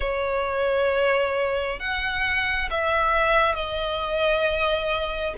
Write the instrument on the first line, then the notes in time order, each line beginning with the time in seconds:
violin
0.00 C#5
1.79 F#5
2.70 E5
3.55 D#5